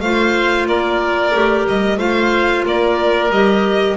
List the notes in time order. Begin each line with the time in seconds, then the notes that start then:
0.00 A3 F4 C5 F5
0.66 A#3 A#4 D5
1.32 A3 G4
1.67 G3 D#5
1.98 A3 F4 C5 F5
2.65 A#3 A#4 D5
3.30 G3 G4 D#5